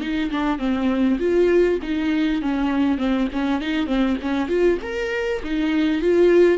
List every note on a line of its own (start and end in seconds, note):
0.00 0.30 D#4
0.31 0.58 D4
0.58 1.18 C4
1.19 1.79 F4
1.82 2.41 D#4
2.41 2.97 C#4
2.97 3.27 C4
3.32 3.61 C#4
3.61 3.86 D#4
3.86 4.16 C4
4.21 4.48 C#4
4.48 4.78 F4
4.82 5.42 A#4
5.43 6.01 D#4
6.01 6.58 F4